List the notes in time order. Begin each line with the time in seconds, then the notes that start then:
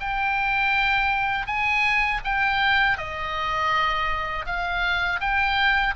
0.00 G5
1.46 G#5
2.24 G5
2.97 D#5
4.46 F5
5.20 G5